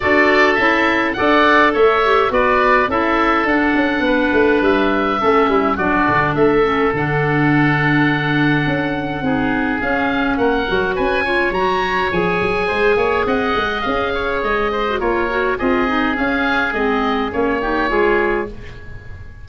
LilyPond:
<<
  \new Staff \with { instrumentName = "oboe" } { \time 4/4 \tempo 4 = 104 d''4 e''4 fis''4 e''4 | d''4 e''4 fis''2 | e''2 d''4 e''4 | fis''1~ |
fis''4 f''4 fis''4 gis''4 | ais''4 gis''2 fis''4 | f''4 dis''4 cis''4 dis''4 | f''4 dis''4 cis''2 | }
  \new Staff \with { instrumentName = "oboe" } { \time 4/4 a'2 d''4 cis''4 | b'4 a'2 b'4~ | b'4 a'8 e'8 fis'4 a'4~ | a'1 |
gis'2 ais'4 b'8 cis''8~ | cis''2 c''8 cis''8 dis''4~ | dis''8 cis''4 c''8 ais'4 gis'4~ | gis'2~ gis'8 g'8 gis'4 | }
  \new Staff \with { instrumentName = "clarinet" } { \time 4/4 fis'4 e'4 a'4. g'8 | fis'4 e'4 d'2~ | d'4 cis'4 d'4. cis'8 | d'1 |
dis'4 cis'4. fis'4 f'8 | fis'4 gis'2.~ | gis'4.~ gis'16 fis'16 f'8 fis'8 f'8 dis'8 | cis'4 c'4 cis'8 dis'8 f'4 | }
  \new Staff \with { instrumentName = "tuba" } { \time 4/4 d'4 cis'4 d'4 a4 | b4 cis'4 d'8 cis'8 b8 a8 | g4 a8 g8 fis8 d8 a4 | d2. cis'4 |
c'4 cis'4 ais8 fis8 cis'4 | fis4 f8 fis8 gis8 ais8 c'8 gis8 | cis'4 gis4 ais4 c'4 | cis'4 gis4 ais4 gis4 | }
>>